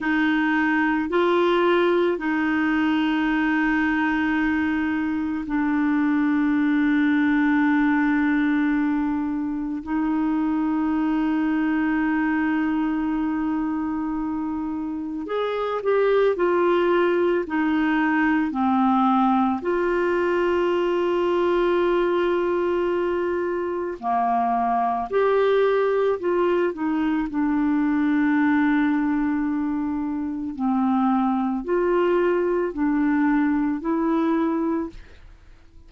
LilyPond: \new Staff \with { instrumentName = "clarinet" } { \time 4/4 \tempo 4 = 55 dis'4 f'4 dis'2~ | dis'4 d'2.~ | d'4 dis'2.~ | dis'2 gis'8 g'8 f'4 |
dis'4 c'4 f'2~ | f'2 ais4 g'4 | f'8 dis'8 d'2. | c'4 f'4 d'4 e'4 | }